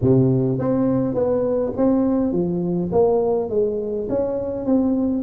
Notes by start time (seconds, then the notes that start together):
0.01 C3
0.58 C4
1.14 B3
1.76 C4
2.32 F3
2.92 A#3
3.49 G#3
4.09 C#4
4.65 C4